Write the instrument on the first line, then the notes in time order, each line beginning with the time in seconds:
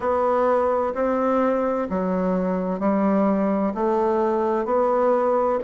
bassoon
0.00 B3
0.94 C4
1.89 F#3
2.79 G3
3.74 A3
4.64 B3